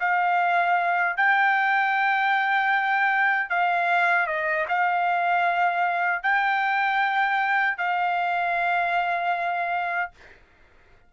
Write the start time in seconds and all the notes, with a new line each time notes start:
0.00 F5
1.17 G5
3.50 F5
4.27 D#5
4.68 F5
6.23 G5
7.77 F5